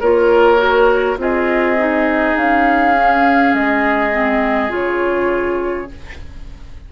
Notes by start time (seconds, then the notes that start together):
0.00 A#3 F4 A#4 C#5
0.57 F#4
1.17 C4 F4 G#4 D#5
1.78 D#4
2.37 C#4 F5
2.95 C#4
3.53 G#3 D#5
4.12 C4
4.69 C#3 F4 C#5